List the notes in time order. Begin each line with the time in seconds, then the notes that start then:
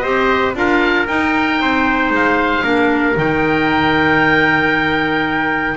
0.00 C4 G4 C5 D#5
0.55 D4 F4 A#4 F5
1.08 D#4 G5
1.60 C4 C5
2.10 G#3 F5
2.63 A#3 D4 A#4
3.17 D#3 D#4 G5